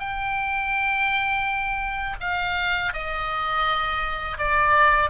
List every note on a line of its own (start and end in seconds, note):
0.00 2.17 G5
2.21 2.93 F5
2.93 4.38 D#5
4.38 5.10 D5